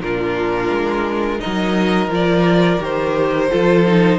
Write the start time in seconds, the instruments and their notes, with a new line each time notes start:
0.00 cello A#2, viola D4, violin F4 A#4
0.70 cello G#3
1.39 viola D#4, violin A#4 D#5
1.45 cello F#3
2.08 cello F3, viola F4
2.15 violin D5
2.79 cello D#3, viola G4, violin C5
3.50 cello F3, viola F4, violin A4
3.86 viola D#4